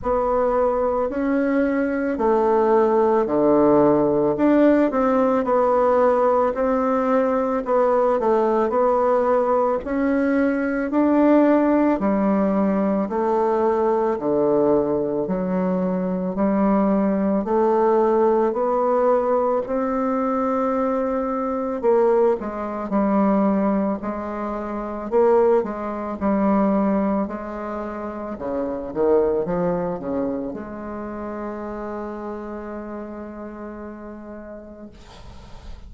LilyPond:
\new Staff \with { instrumentName = "bassoon" } { \time 4/4 \tempo 4 = 55 b4 cis'4 a4 d4 | d'8 c'8 b4 c'4 b8 a8 | b4 cis'4 d'4 g4 | a4 d4 fis4 g4 |
a4 b4 c'2 | ais8 gis8 g4 gis4 ais8 gis8 | g4 gis4 cis8 dis8 f8 cis8 | gis1 | }